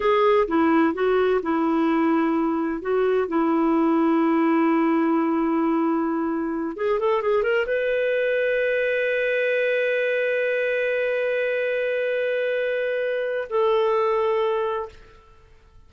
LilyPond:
\new Staff \with { instrumentName = "clarinet" } { \time 4/4 \tempo 4 = 129 gis'4 e'4 fis'4 e'4~ | e'2 fis'4 e'4~ | e'1~ | e'2~ e'8 gis'8 a'8 gis'8 |
ais'8 b'2.~ b'8~ | b'1~ | b'1~ | b'4 a'2. | }